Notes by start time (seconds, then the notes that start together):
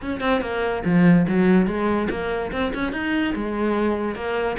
0.01 C#4
0.20 C4
0.41 A#3
0.84 F3
1.28 F#3
1.66 G#3
2.10 A#3
2.52 C4
2.74 C#4
2.92 D#4
3.35 G#3
4.15 A#3